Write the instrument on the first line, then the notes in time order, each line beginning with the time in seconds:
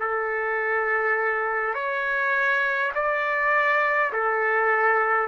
trumpet
0.00 A4
1.74 C#5
2.95 D5
4.13 A4